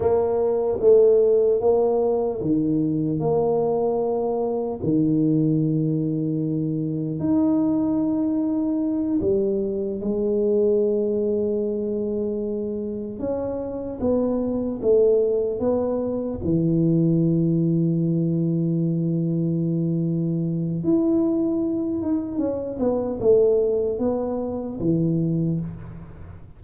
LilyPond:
\new Staff \with { instrumentName = "tuba" } { \time 4/4 \tempo 4 = 75 ais4 a4 ais4 dis4 | ais2 dis2~ | dis4 dis'2~ dis'8 g8~ | g8 gis2.~ gis8~ |
gis8 cis'4 b4 a4 b8~ | b8 e2.~ e8~ | e2 e'4. dis'8 | cis'8 b8 a4 b4 e4 | }